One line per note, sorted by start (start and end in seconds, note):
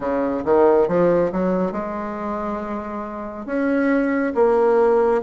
0.00 0.43 C#3
0.44 0.88 D#3
0.88 1.31 F3
1.32 1.72 F#3
1.72 3.46 G#3
3.46 4.33 C#4
4.34 5.21 A#3